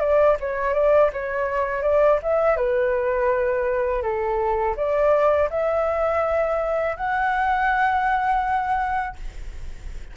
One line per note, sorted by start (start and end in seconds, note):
0.00 0.37 D5
0.40 0.74 C#5
0.74 1.10 D5
1.13 1.83 C#5
1.83 2.19 D5
2.23 2.56 E5
2.56 4.02 B4
4.02 4.76 A4
4.76 5.49 D5
5.50 6.96 E5
6.96 9.16 F#5